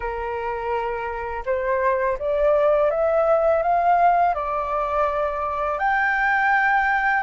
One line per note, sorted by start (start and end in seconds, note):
0.00 1.43 A#4
1.45 2.18 C5
2.18 2.90 D5
2.90 3.62 E5
3.62 4.34 F5
4.34 5.78 D5
5.78 7.23 G5